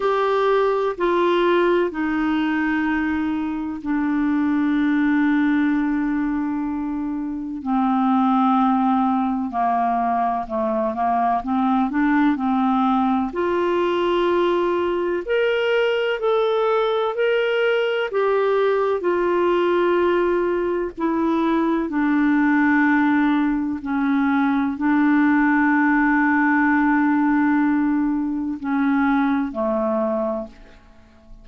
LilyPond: \new Staff \with { instrumentName = "clarinet" } { \time 4/4 \tempo 4 = 63 g'4 f'4 dis'2 | d'1 | c'2 ais4 a8 ais8 | c'8 d'8 c'4 f'2 |
ais'4 a'4 ais'4 g'4 | f'2 e'4 d'4~ | d'4 cis'4 d'2~ | d'2 cis'4 a4 | }